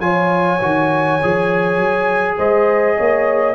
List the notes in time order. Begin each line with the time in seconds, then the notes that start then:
0.00 F3 F4 C#5 G#5
0.61 D#3 F#4
1.23 F3 G#4
1.77 F#3
2.37 G#3 C5 D#5
2.97 A#3 C#5